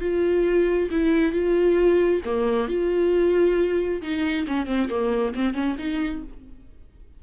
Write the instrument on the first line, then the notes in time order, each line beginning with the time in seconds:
viola
0.00 F4
0.91 E4
1.32 F4
2.24 A#3
2.68 F4
4.01 D#4
4.47 C#4
4.66 C4
4.89 A#3
5.35 C4
5.54 C#4
5.78 D#4